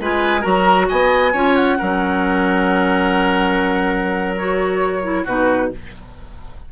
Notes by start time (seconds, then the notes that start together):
0.00 G#3 F4 B4 G#5
0.41 F#3 F#4 A#4 A#5
0.89 B3 D#5 G#5
1.33 C#4 F4 C#5
1.56 F#5
1.79 F#3 C#4 A#4
4.37 F#4 C#5
5.04 E4
5.24 B2 D#4 F#4 B4